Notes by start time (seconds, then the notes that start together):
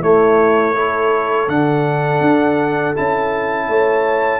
0.00 A3 E4 C#5
0.74 E4 A4
1.48 D3 D4 F#5
2.20 D4
2.94 C#4 E4 A5
3.68 A3 C#5